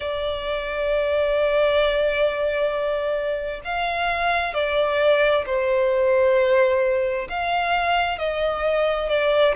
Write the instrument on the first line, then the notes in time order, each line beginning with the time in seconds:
violin
0.00 D5
3.64 F5
4.53 D5
5.45 C5
7.29 F5
8.18 D#5
9.09 D5